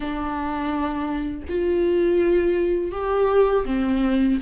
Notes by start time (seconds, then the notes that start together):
0.00 D4
1.49 F4
2.91 G4
3.65 C4